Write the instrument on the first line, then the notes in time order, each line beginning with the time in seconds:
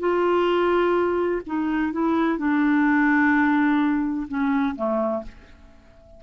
clarinet
0.00 F4
1.47 D#4
1.93 E4
2.39 D4
4.28 C#4
4.76 A3